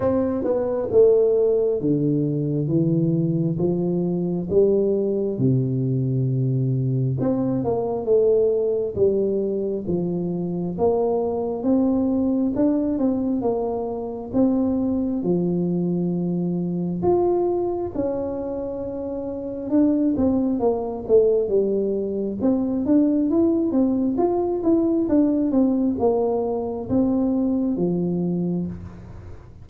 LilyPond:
\new Staff \with { instrumentName = "tuba" } { \time 4/4 \tempo 4 = 67 c'8 b8 a4 d4 e4 | f4 g4 c2 | c'8 ais8 a4 g4 f4 | ais4 c'4 d'8 c'8 ais4 |
c'4 f2 f'4 | cis'2 d'8 c'8 ais8 a8 | g4 c'8 d'8 e'8 c'8 f'8 e'8 | d'8 c'8 ais4 c'4 f4 | }